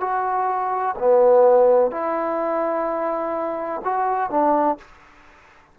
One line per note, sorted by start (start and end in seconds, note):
0.00 0.95 F#4
0.98 1.91 B3
1.91 3.81 E4
3.84 4.30 F#4
4.30 4.78 D4